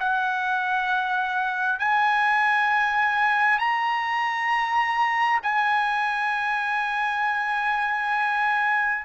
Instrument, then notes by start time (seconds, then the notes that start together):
trumpet
0.00 F#5
1.80 G#5
3.59 A#5
5.43 G#5